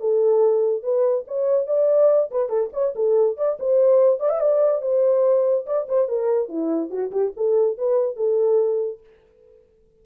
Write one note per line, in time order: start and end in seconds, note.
0.00 0.83 A4
0.83 1.25 B4
1.27 1.67 C#5
1.67 2.30 D5
2.31 2.49 B4
2.49 2.69 A4
2.73 2.94 C#5
2.95 3.36 A4
3.36 3.57 D5
3.59 4.20 C5
4.20 4.29 D5
4.29 4.40 E5
4.40 4.81 D5
4.81 5.65 C5
5.66 5.87 D5
5.88 6.08 C5
6.08 6.48 A#4
6.48 6.90 E4
6.90 7.11 F#4
7.11 7.32 G4
7.36 7.77 A4
7.77 8.16 B4
8.16 9.00 A4